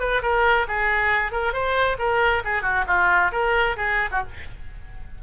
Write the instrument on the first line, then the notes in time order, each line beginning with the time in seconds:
oboe
0.00 B4
0.22 A#4
0.68 G#4
1.32 A#4
1.53 C5
1.99 A#4
2.45 G#4
2.62 F#4
2.87 F4
3.32 A#4
3.77 G#4
4.12 F#4